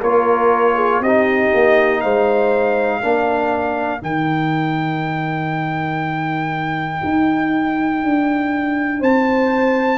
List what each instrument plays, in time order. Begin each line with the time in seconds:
0.00 tuba A#3, trombone F4, horn A#4, trumpet C#5
0.75 horn G#4
1.00 tuba C4, horn G4, trumpet D#5
1.06 trombone D#4
1.54 tuba A#3
2.01 tuba G#3, horn C5, trumpet F5
3.00 tuba A#3, trombone D4, horn A#4
4.00 tuba D#3, trombone D#4, trumpet G5
7.04 tuba D#4
8.04 tuba D4
8.99 tuba C4, horn C5, trumpet A5